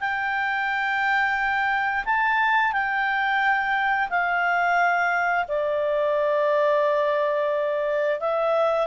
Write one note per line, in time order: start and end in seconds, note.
0.00 2.05 G5
2.05 2.72 A5
2.72 4.09 G5
4.09 5.46 F5
5.48 8.20 D5
8.20 8.87 E5